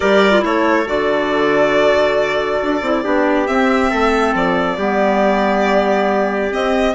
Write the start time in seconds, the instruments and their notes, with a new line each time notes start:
0.00 bassoon G3, clarinet G4, trumpet A#4, violin D5
0.31 clarinet F4
0.40 bassoon A3, clarinet E4, trumpet A4, violin C#5
0.86 bassoon D3, clarinet F#4, violin D5
2.62 bassoon D4
2.81 bassoon C4, clarinet E4
3.03 bassoon B3, clarinet D4, trumpet G4
3.46 clarinet C4, bassoon C4, violin E5
3.90 bassoon A3, trumpet A4
4.34 bassoon F3, violin D5
4.77 bassoon G3, clarinet B3, trumpet G4
6.50 clarinet C4, bassoon C4, violin D#5